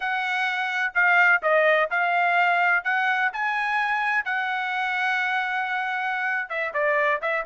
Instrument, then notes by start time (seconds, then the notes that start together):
trumpet
0.00 F#5
0.94 F5
1.42 D#5
1.90 F5
2.84 F#5
3.33 G#5
4.24 F#5
6.49 E5
6.73 D5
7.21 E5